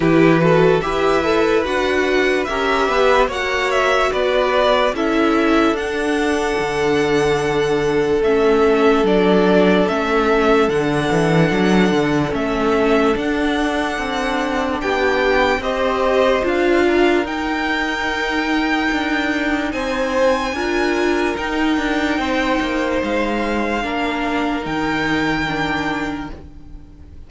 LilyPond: <<
  \new Staff \with { instrumentName = "violin" } { \time 4/4 \tempo 4 = 73 b'4 e''4 fis''4 e''4 | fis''8 e''8 d''4 e''4 fis''4~ | fis''2 e''4 d''4 | e''4 fis''2 e''4 |
fis''2 g''4 dis''4 | f''4 g''2. | gis''2 g''2 | f''2 g''2 | }
  \new Staff \with { instrumentName = "violin" } { \time 4/4 g'8 a'8 b'2 ais'8 b'8 | cis''4 b'4 a'2~ | a'1~ | a'1~ |
a'2 g'4 c''4~ | c''8 ais'2.~ ais'8 | c''4 ais'2 c''4~ | c''4 ais'2. | }
  \new Staff \with { instrumentName = "viola" } { \time 4/4 e'8 fis'8 g'8 a'8 fis'4 g'4 | fis'2 e'4 d'4~ | d'2 cis'4 d'4 | cis'4 d'2 cis'4 |
d'2. g'4 | f'4 dis'2.~ | dis'4 f'4 dis'2~ | dis'4 d'4 dis'4 d'4 | }
  \new Staff \with { instrumentName = "cello" } { \time 4/4 e4 e'4 d'4 cis'8 b8 | ais4 b4 cis'4 d'4 | d2 a4 fis4 | a4 d8 e8 fis8 d8 a4 |
d'4 c'4 b4 c'4 | d'4 dis'2 d'4 | c'4 d'4 dis'8 d'8 c'8 ais8 | gis4 ais4 dis2 | }
>>